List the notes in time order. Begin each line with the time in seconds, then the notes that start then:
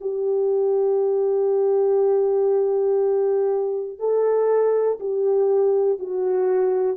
0.00 G4
3.99 A4
4.99 G4
5.99 F#4